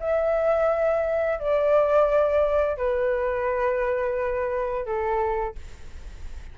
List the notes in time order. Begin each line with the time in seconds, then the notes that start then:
0.00 E5
1.39 D5
2.77 B4
4.86 A4